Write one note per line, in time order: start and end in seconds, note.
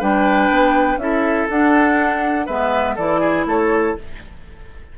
0.00 0.50 G3
0.00 0.99 D4
0.00 0.98 B4
0.00 0.99 G5
0.50 0.98 B3
0.98 1.47 C#4
0.98 1.49 E4
0.98 2.46 A4
0.98 1.48 E5
1.50 2.49 D4
1.50 2.48 F#5
2.46 2.98 G#3
2.46 2.98 B3
2.46 2.95 B4
2.46 2.97 E5
2.96 3.47 E3
2.96 3.98 E4
2.96 3.21 A4
2.96 3.46 D5
3.21 3.45 G#4
3.47 3.96 A3
3.47 3.98 A4
3.47 3.99 C#5